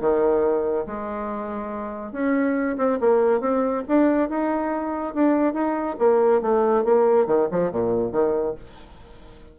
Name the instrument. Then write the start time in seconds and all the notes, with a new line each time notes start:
bassoon
0.00 D#3
0.86 G#3
2.12 C#4
2.77 C4
3.00 A#3
3.40 C4
3.88 D4
4.29 D#4
5.14 D4
5.53 D#4
5.99 A#3
6.41 A3
6.84 A#3
7.27 D#3
7.51 F3
7.71 A#2
8.12 D#3